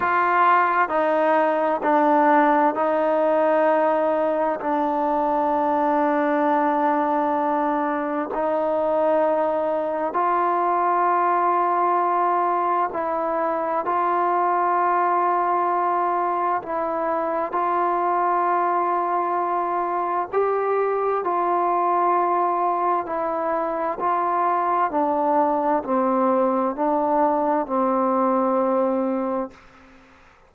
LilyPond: \new Staff \with { instrumentName = "trombone" } { \time 4/4 \tempo 4 = 65 f'4 dis'4 d'4 dis'4~ | dis'4 d'2.~ | d'4 dis'2 f'4~ | f'2 e'4 f'4~ |
f'2 e'4 f'4~ | f'2 g'4 f'4~ | f'4 e'4 f'4 d'4 | c'4 d'4 c'2 | }